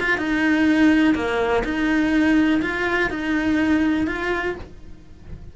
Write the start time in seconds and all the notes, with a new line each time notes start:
0.00 F4
0.18 D#4
1.15 A#3
1.65 D#4
2.62 F4
3.11 D#4
4.07 F4